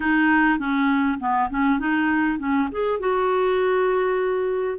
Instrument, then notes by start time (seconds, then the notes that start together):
clarinet
0.00 D#4
0.58 C#4
1.19 B3
1.49 C#4
1.79 D#4
2.38 C#4
2.71 G#4
2.99 F#4